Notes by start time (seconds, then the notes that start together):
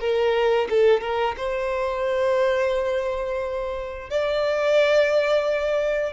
0.00 A#4
0.70 A4
1.01 A#4
1.37 C5
4.10 D5